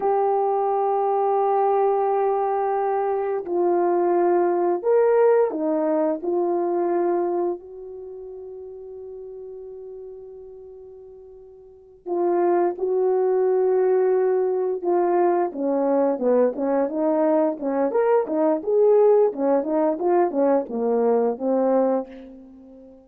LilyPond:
\new Staff \with { instrumentName = "horn" } { \time 4/4 \tempo 4 = 87 g'1~ | g'4 f'2 ais'4 | dis'4 f'2 fis'4~ | fis'1~ |
fis'4. f'4 fis'4.~ | fis'4. f'4 cis'4 b8 | cis'8 dis'4 cis'8 ais'8 dis'8 gis'4 | cis'8 dis'8 f'8 cis'8 ais4 c'4 | }